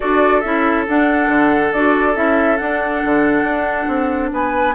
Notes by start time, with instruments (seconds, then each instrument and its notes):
0.00 bassoon D4, clarinet F#4, oboe A4, flute D5
0.41 bassoon C#4, clarinet E4, flute E5
0.87 clarinet D4, bassoon D4, flute F#5
1.28 bassoon D3
1.72 bassoon D4, clarinet F#4, flute D5
2.14 bassoon C#4, clarinet E4, flute E5
2.57 bassoon D4, clarinet D4, flute F#5
3.04 bassoon D3
3.43 bassoon D4
3.87 bassoon C4
4.32 bassoon B3, oboe B4, flute G#5